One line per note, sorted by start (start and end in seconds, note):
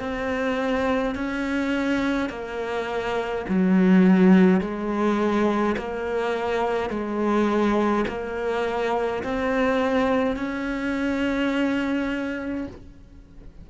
0.00 1.15 C4
1.15 2.30 C#4
2.30 3.45 A#3
3.49 4.60 F#3
4.60 5.76 G#3
5.77 6.90 A#3
6.90 8.05 G#3
8.08 9.23 A#3
9.24 10.36 C4
10.36 12.67 C#4